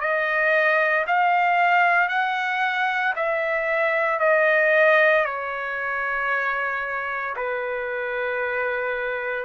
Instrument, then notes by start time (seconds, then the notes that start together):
trumpet
0.00 D#5
1.07 F5
2.08 F#5
3.16 E5
4.19 D#5
5.25 C#5
7.36 B4